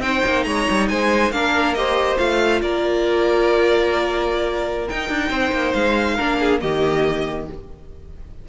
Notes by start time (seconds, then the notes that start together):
0.00 C4 D#4 C5 G5
0.26 A#3
0.44 G#3 C#5 A#5
0.70 G3
0.89 G#3 C5 G#5
1.31 A#3 D4 A#4 F5
1.74 G4 C5 D#5
2.17 A3 F4 F5
2.62 A#3 A#4 D5
4.89 D#4 G5
5.09 D4
5.29 C4 C5
5.52 A#3
5.73 G#3 F5
6.15 A#3 D4 A#4
6.40 G#4
6.61 D#3 A#3 G4 D#5